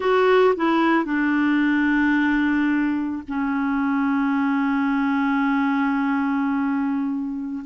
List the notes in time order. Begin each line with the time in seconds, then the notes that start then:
0.00 F#4
0.56 E4
1.04 D4
3.28 C#4